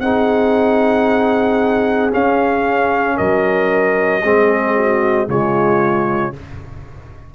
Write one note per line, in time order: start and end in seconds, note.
0.00 2.11 C4
0.00 2.11 D#4
0.00 3.15 G#4
0.00 2.11 F#5
2.11 4.21 C#4
2.11 3.19 C#4
2.11 3.17 F5
3.15 4.23 F#3
3.15 4.21 A#4
3.15 5.28 D#5
4.23 5.28 G#3
4.23 5.28 C4
4.23 4.75 G#4
4.76 5.29 F#4
5.28 6.33 C#3
5.28 6.33 G#3
5.28 6.34 F4
5.28 6.34 C#5